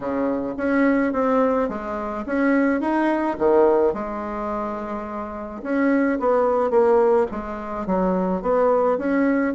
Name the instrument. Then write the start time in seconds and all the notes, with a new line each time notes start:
bassoon
0.00 C#3
0.57 C#4
1.12 C4
1.68 G#3
2.26 C#4
2.80 D#4
3.38 D#3
3.93 G#3
5.63 C#4
6.19 B3
6.70 A#3
7.31 G#3
7.86 F#3
8.41 B3
8.98 C#4